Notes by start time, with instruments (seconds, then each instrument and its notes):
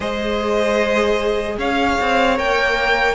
0.00 cello G#3, viola G#4, violin C5 D#5
1.57 cello C#4, violin C#5 F5
2.00 cello C4
2.36 cello A#3, viola A#4, violin G5